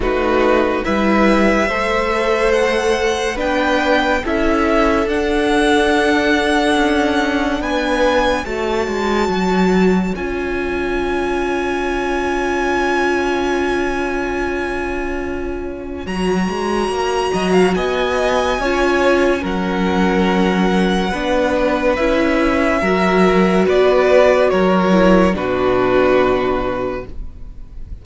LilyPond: <<
  \new Staff \with { instrumentName = "violin" } { \time 4/4 \tempo 4 = 71 b'4 e''2 fis''4 | g''4 e''4 fis''2~ | fis''4 gis''4 a''2 | gis''1~ |
gis''2. ais''4~ | ais''4 gis''2 fis''4~ | fis''2 e''2 | d''4 cis''4 b'2 | }
  \new Staff \with { instrumentName = "violin" } { \time 4/4 fis'4 b'4 c''2 | b'4 a'2.~ | a'4 b'4 cis''2~ | cis''1~ |
cis''1~ | cis''8 dis''16 f''16 dis''4 cis''4 ais'4~ | ais'4 b'2 ais'4 | b'4 ais'4 fis'2 | }
  \new Staff \with { instrumentName = "viola" } { \time 4/4 dis'4 e'4 a'2 | d'4 e'4 d'2~ | d'2 fis'2 | f'1~ |
f'2. fis'4~ | fis'2 f'4 cis'4~ | cis'4 d'4 e'4 fis'4~ | fis'4. e'8 d'2 | }
  \new Staff \with { instrumentName = "cello" } { \time 4/4 a4 g4 a2 | b4 cis'4 d'2 | cis'4 b4 a8 gis8 fis4 | cis'1~ |
cis'2. fis8 gis8 | ais8 fis8 b4 cis'4 fis4~ | fis4 b4 cis'4 fis4 | b4 fis4 b,2 | }
>>